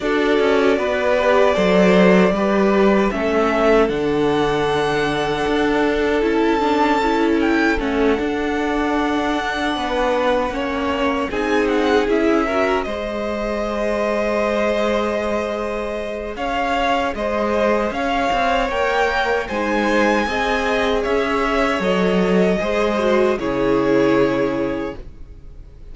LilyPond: <<
  \new Staff \with { instrumentName = "violin" } { \time 4/4 \tempo 4 = 77 d''1 | e''4 fis''2. | a''4. g''8 fis''2~ | fis''2~ fis''8 gis''8 fis''8 e''8~ |
e''8 dis''2.~ dis''8~ | dis''4 f''4 dis''4 f''4 | g''4 gis''2 e''4 | dis''2 cis''2 | }
  \new Staff \with { instrumentName = "violin" } { \time 4/4 a'4 b'4 c''4 b'4 | a'1~ | a'1~ | a'8 b'4 cis''4 gis'4. |
ais'8 c''2.~ c''8~ | c''4 cis''4 c''4 cis''4~ | cis''4 c''4 dis''4 cis''4~ | cis''4 c''4 gis'2 | }
  \new Staff \with { instrumentName = "viola" } { \time 4/4 fis'4. g'8 a'4 g'4 | cis'4 d'2. | e'8 d'8 e'4 cis'8 d'4.~ | d'4. cis'4 dis'4 e'8 |
fis'8 gis'2.~ gis'8~ | gis'1 | ais'4 dis'4 gis'2 | a'4 gis'8 fis'8 e'2 | }
  \new Staff \with { instrumentName = "cello" } { \time 4/4 d'8 cis'8 b4 fis4 g4 | a4 d2 d'4 | cis'2 a8 d'4.~ | d'8 b4 ais4 c'4 cis'8~ |
cis'8 gis2.~ gis8~ | gis4 cis'4 gis4 cis'8 c'8 | ais4 gis4 c'4 cis'4 | fis4 gis4 cis2 | }
>>